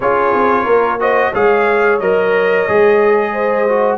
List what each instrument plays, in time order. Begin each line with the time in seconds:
0.00 tuba C#4, trombone F4, horn G#4, trumpet C#5
0.33 tuba C4
0.64 tuba A#3, horn A#4
0.99 trombone F#4, horn C5, trumpet D#5
1.32 tuba G#3, trombone G#4, horn C#5, trumpet F5
1.99 tuba F#3, trombone A#4, trumpet D#5
2.68 tuba G#3, trombone G#4
3.32 horn C5
3.68 trombone F#4